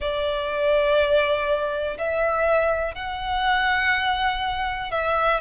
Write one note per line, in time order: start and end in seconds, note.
0.00 1.97 D5
1.98 2.95 E5
2.95 4.91 F#5
4.91 5.40 E5